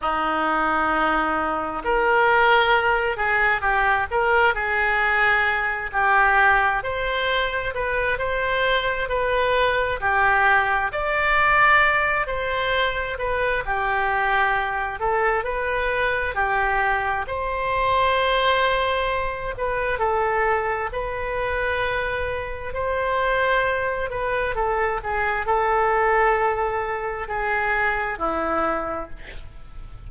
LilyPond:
\new Staff \with { instrumentName = "oboe" } { \time 4/4 \tempo 4 = 66 dis'2 ais'4. gis'8 | g'8 ais'8 gis'4. g'4 c''8~ | c''8 b'8 c''4 b'4 g'4 | d''4. c''4 b'8 g'4~ |
g'8 a'8 b'4 g'4 c''4~ | c''4. b'8 a'4 b'4~ | b'4 c''4. b'8 a'8 gis'8 | a'2 gis'4 e'4 | }